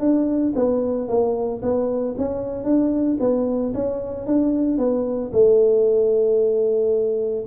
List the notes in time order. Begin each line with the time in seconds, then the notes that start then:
0.00 D4
0.55 B3
1.08 A#3
1.62 B3
2.18 C#4
2.64 D4
3.20 B3
3.74 C#4
4.26 D4
4.78 B3
5.32 A3